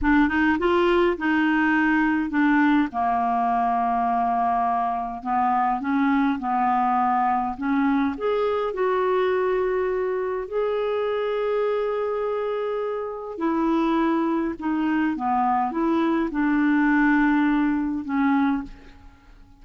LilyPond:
\new Staff \with { instrumentName = "clarinet" } { \time 4/4 \tempo 4 = 103 d'8 dis'8 f'4 dis'2 | d'4 ais2.~ | ais4 b4 cis'4 b4~ | b4 cis'4 gis'4 fis'4~ |
fis'2 gis'2~ | gis'2. e'4~ | e'4 dis'4 b4 e'4 | d'2. cis'4 | }